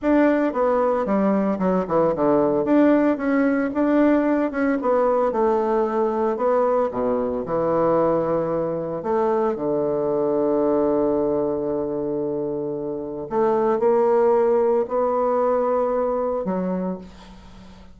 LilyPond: \new Staff \with { instrumentName = "bassoon" } { \time 4/4 \tempo 4 = 113 d'4 b4 g4 fis8 e8 | d4 d'4 cis'4 d'4~ | d'8 cis'8 b4 a2 | b4 b,4 e2~ |
e4 a4 d2~ | d1~ | d4 a4 ais2 | b2. fis4 | }